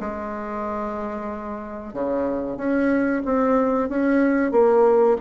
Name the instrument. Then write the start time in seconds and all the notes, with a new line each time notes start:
bassoon
0.00 G#3
1.93 C#3
2.56 C#4
3.25 C4
3.89 C#4
4.51 A#3